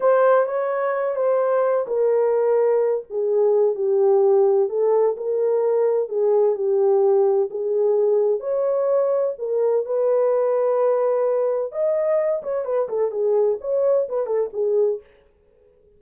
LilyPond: \new Staff \with { instrumentName = "horn" } { \time 4/4 \tempo 4 = 128 c''4 cis''4. c''4. | ais'2~ ais'8 gis'4. | g'2 a'4 ais'4~ | ais'4 gis'4 g'2 |
gis'2 cis''2 | ais'4 b'2.~ | b'4 dis''4. cis''8 b'8 a'8 | gis'4 cis''4 b'8 a'8 gis'4 | }